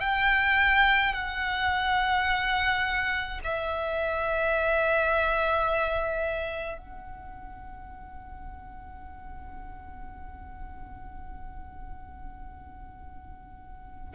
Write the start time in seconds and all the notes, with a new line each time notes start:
0.00 G5
1.13 F#5
3.44 E5
6.78 F#5